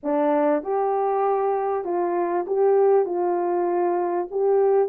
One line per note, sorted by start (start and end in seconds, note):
0.03 0.63 D4
0.63 1.84 G4
1.84 2.45 F4
2.47 3.05 G4
3.05 4.27 F4
4.31 4.88 G4